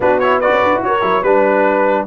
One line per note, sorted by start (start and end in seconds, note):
0.00 0.51 B3
0.00 0.21 D4
0.00 0.40 F#4
0.00 0.19 B4
0.19 0.42 E4
0.19 0.39 C#5
0.40 1.01 F#4
0.40 0.82 B4
0.40 0.81 D5
0.51 0.62 C#4
0.62 0.73 D4
0.74 0.83 E4
0.83 1.02 F#4
0.83 1.22 A#4
0.83 1.23 C#5
1.01 1.22 F#3
1.01 1.22 E4
1.22 2.05 G3
1.22 2.07 D4
1.22 2.04 B4
1.22 2.06 B4